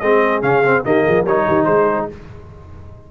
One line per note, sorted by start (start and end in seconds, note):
0.00 0.43 G#3
0.00 0.43 C4
0.00 0.84 G#4
0.00 0.41 D#5
0.43 0.84 C#3
0.43 0.63 C#4
0.43 0.84 F5
0.64 0.85 C4
0.85 1.05 D#3
0.85 1.26 A#3
0.85 1.04 G4
0.85 1.26 D#5
1.04 1.25 F3
1.04 1.23 G#4
1.23 1.46 G3
1.23 2.11 D#4
1.23 1.44 A#4
1.23 1.65 C#5
1.47 1.67 D#3
1.47 1.66 G4
1.65 2.08 G#3
1.65 2.07 G#4
1.65 2.06 C5